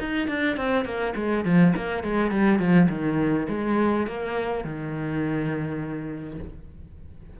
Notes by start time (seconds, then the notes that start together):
0.00 D#4
0.28 D4
0.57 C4
0.85 A#3
1.16 G#3
1.45 F3
1.77 A#3
2.04 G#3
2.31 G3
2.59 F3
2.90 D#3
3.49 G#3
4.08 A#3
4.65 D#3